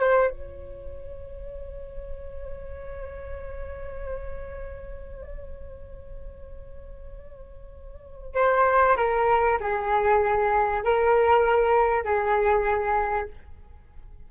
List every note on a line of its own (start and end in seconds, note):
0.00 0.31 C5
0.31 8.35 C#5
8.35 8.97 C5
8.97 9.59 A#4
9.61 10.84 G#4
10.84 12.05 A#4
12.05 13.28 G#4